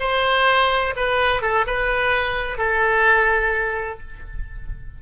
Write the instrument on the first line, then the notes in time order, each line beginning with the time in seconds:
oboe
0.00 C5
0.97 B4
1.42 A4
1.67 B4
2.58 A4